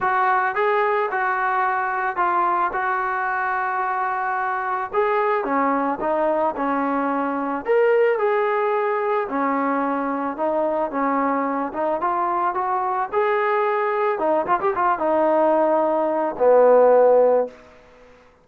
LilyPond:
\new Staff \with { instrumentName = "trombone" } { \time 4/4 \tempo 4 = 110 fis'4 gis'4 fis'2 | f'4 fis'2.~ | fis'4 gis'4 cis'4 dis'4 | cis'2 ais'4 gis'4~ |
gis'4 cis'2 dis'4 | cis'4. dis'8 f'4 fis'4 | gis'2 dis'8 f'16 g'16 f'8 dis'8~ | dis'2 b2 | }